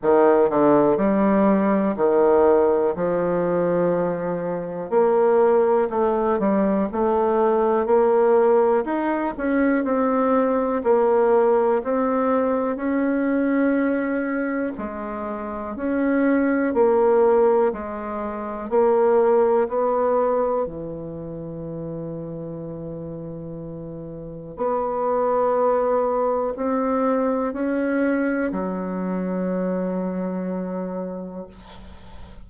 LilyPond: \new Staff \with { instrumentName = "bassoon" } { \time 4/4 \tempo 4 = 61 dis8 d8 g4 dis4 f4~ | f4 ais4 a8 g8 a4 | ais4 dis'8 cis'8 c'4 ais4 | c'4 cis'2 gis4 |
cis'4 ais4 gis4 ais4 | b4 e2.~ | e4 b2 c'4 | cis'4 fis2. | }